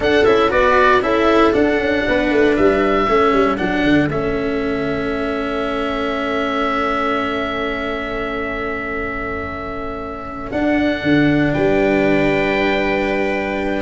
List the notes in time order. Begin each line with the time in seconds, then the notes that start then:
0.00 D4 A4 F#5
0.24 C#4 E4 E5
0.49 B3 F#4 B4 D5
1.01 C#4 E4 A4 E5
1.52 D4 F#5
1.78 C#4
2.07 B3 B4
2.31 A3
2.56 G3 E5
3.08 A3 C#4 A4
3.32 G3
3.57 F#3 D4 F#5
3.83 D3
4.08 A3 C#4 E5
10.51 D4 F#5
11.02 D3
11.53 G3 B4 G5